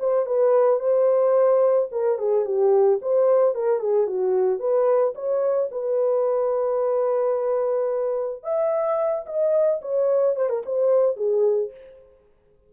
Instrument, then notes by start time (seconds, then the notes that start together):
horn
0.00 C5
0.27 B4
0.80 C5
1.92 A#4
2.19 G#4
2.45 G4
3.02 C5
3.55 A#4
3.80 G#4
4.07 F#4
4.60 B4
5.15 C#5
5.71 B4
8.43 E5
9.26 D#5
9.82 C#5
10.36 C5
10.50 A#4
10.66 C5
11.17 G#4